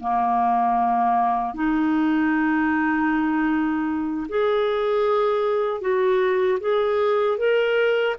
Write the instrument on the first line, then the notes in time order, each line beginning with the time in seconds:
clarinet
0.00 A#3
1.54 D#4
4.29 G#4
5.81 F#4
6.60 G#4
7.37 A#4